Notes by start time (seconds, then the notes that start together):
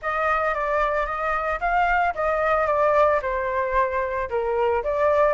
0.01 D#5
0.54 D5
1.06 D#5
1.60 F5
2.15 D#5
2.66 D5
3.21 C5
4.29 A#4
4.83 D5